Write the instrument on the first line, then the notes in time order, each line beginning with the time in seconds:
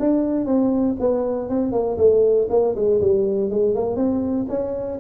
tuba
0.00 D4
0.46 C4
1.00 B3
1.50 C4
1.72 A#3
1.98 A3
2.50 A#3
2.76 G#3
3.01 G3
3.50 G#3
3.75 A#3
3.96 C4
4.49 C#4